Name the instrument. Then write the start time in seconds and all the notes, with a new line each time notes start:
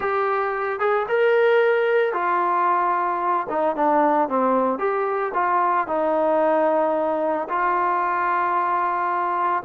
trombone
0.00 G4
0.79 G#4
1.08 A#4
2.13 F4
3.49 D#4
3.76 D4
4.28 C4
4.78 G4
5.34 F4
5.87 D#4
7.49 F4